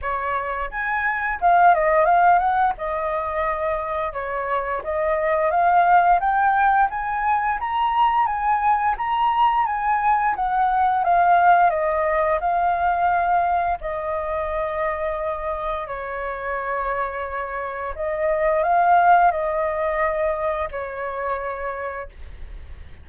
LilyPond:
\new Staff \with { instrumentName = "flute" } { \time 4/4 \tempo 4 = 87 cis''4 gis''4 f''8 dis''8 f''8 fis''8 | dis''2 cis''4 dis''4 | f''4 g''4 gis''4 ais''4 | gis''4 ais''4 gis''4 fis''4 |
f''4 dis''4 f''2 | dis''2. cis''4~ | cis''2 dis''4 f''4 | dis''2 cis''2 | }